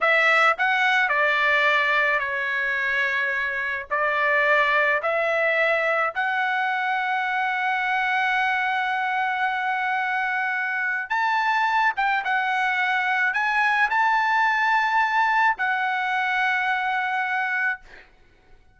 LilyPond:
\new Staff \with { instrumentName = "trumpet" } { \time 4/4 \tempo 4 = 108 e''4 fis''4 d''2 | cis''2. d''4~ | d''4 e''2 fis''4~ | fis''1~ |
fis''1 | a''4. g''8 fis''2 | gis''4 a''2. | fis''1 | }